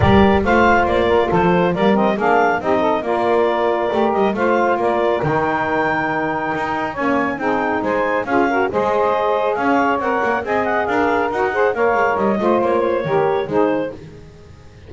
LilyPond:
<<
  \new Staff \with { instrumentName = "clarinet" } { \time 4/4 \tempo 4 = 138 d''4 f''4 d''4 c''4 | d''8 dis''8 f''4 dis''4 d''4~ | d''4. dis''8 f''4 d''4 | g''1 |
gis''4 g''4 gis''4 f''4 | dis''2 f''4 fis''4 | gis''8 fis''8 f''4 fis''4 f''4 | dis''4 cis''2 c''4 | }
  \new Staff \with { instrumentName = "saxophone" } { \time 4/4 ais'4 c''4. ais'8 a'4 | ais'4 gis'4 g'8 a'8 ais'4~ | ais'2 c''4 ais'4~ | ais'1 |
cis''4 gis'4 c''4 gis'8 ais'8 | c''2 cis''2 | dis''4 ais'4. c''8 cis''4~ | cis''8 c''4. ais'4 gis'4 | }
  \new Staff \with { instrumentName = "saxophone" } { \time 4/4 g'4 f'2. | ais8 c'8 d'4 dis'4 f'4~ | f'4 g'4 f'2 | dis'1 |
ais4 dis'2 f'8 fis'8 | gis'2. ais'4 | gis'2 fis'8 gis'8 ais'4~ | ais'8 f'4. g'4 dis'4 | }
  \new Staff \with { instrumentName = "double bass" } { \time 4/4 g4 a4 ais4 f4 | g4 ais4 c'4 ais4~ | ais4 a8 g8 a4 ais4 | dis2. dis'4 |
cis'4 c'4 gis4 cis'4 | gis2 cis'4 c'8 ais8 | c'4 d'4 dis'4 ais8 gis8 | g8 a8 ais4 dis4 gis4 | }
>>